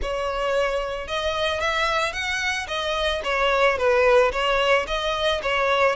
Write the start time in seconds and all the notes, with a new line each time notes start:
0.01 C#5
1.07 D#5
1.60 E5
2.12 F#5
2.67 D#5
3.24 C#5
3.77 B4
4.31 C#5
4.87 D#5
5.42 C#5